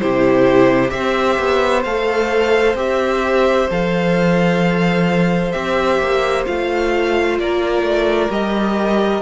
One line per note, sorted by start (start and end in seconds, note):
0.00 0.92 C3
0.00 0.90 E4
0.00 0.94 G4
0.00 0.91 C5
0.90 1.38 C4
0.90 1.82 G4
0.90 7.42 C5
0.90 1.83 E5
1.39 1.85 B3
1.84 2.75 A3
1.84 2.77 A4
1.84 2.76 F5
2.75 3.67 C4
2.75 3.69 G4
2.75 3.71 E5
3.70 5.54 F3
3.70 5.53 A4
3.70 5.52 F5
5.52 6.00 C4
5.52 6.46 G4
5.52 6.44 E5
6.00 6.46 A#3
6.46 7.39 A3
6.46 8.31 F4
6.46 7.39 F5
7.39 7.82 A#3
7.39 9.22 A#4
7.39 8.32 D5
7.82 8.29 A3
8.31 9.22 G3
8.31 9.22 G4
8.31 9.22 D#5